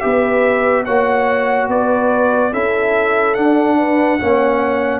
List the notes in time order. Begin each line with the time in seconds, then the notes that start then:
0.00 B3 G4 B4 E5
0.85 A#3 F#4 C#5 F#5
1.68 B3 B4 D5
2.52 C#4 E4 A4 E5
3.34 D4 F#5
3.77 B4
4.20 A#3 C#4 C#5